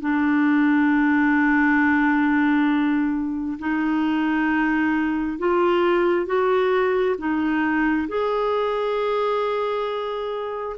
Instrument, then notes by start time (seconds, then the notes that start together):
clarinet
0.00 D4
3.59 D#4
5.39 F4
6.26 F#4
7.18 D#4
8.08 G#4